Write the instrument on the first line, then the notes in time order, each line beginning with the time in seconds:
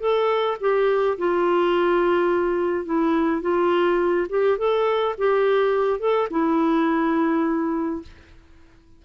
clarinet
0.00 A4
0.61 G4
1.18 F4
2.85 E4
3.42 F4
4.29 G4
4.58 A4
5.18 G4
5.99 A4
6.30 E4